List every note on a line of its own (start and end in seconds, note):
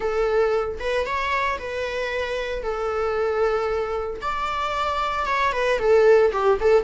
0.00 0.78 A4
0.79 1.06 B4
1.06 1.58 C#5
1.58 2.62 B4
2.62 4.20 A4
4.21 5.26 D5
5.26 5.52 C#5
5.52 5.78 B4
5.78 6.31 A4
6.32 6.58 G4
6.60 6.83 A4